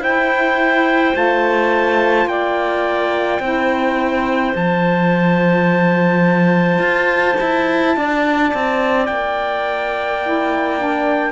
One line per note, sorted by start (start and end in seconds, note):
0.00 1.13 E4
0.00 2.28 C5
0.00 1.16 G5
1.13 2.26 A3
1.13 3.40 F4
1.13 2.28 A5
2.26 3.39 A#3
2.26 3.41 D5
2.26 4.54 G5
3.39 4.52 C4
3.39 4.54 E4
3.39 7.93 C5
4.54 6.78 F3
4.54 10.20 F4
4.54 9.05 A5
6.78 7.35 F4
7.40 7.96 E4
7.96 8.53 D4
7.96 11.32 D5
8.54 9.08 C4
9.05 11.32 A#3
9.05 11.32 G5
10.22 10.78 E4
10.78 11.32 D4